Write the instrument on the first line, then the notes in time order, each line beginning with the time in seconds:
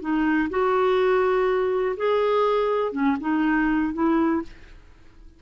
clarinet
0.00 D#4
0.49 F#4
1.96 G#4
2.92 C#4
3.20 D#4
3.93 E4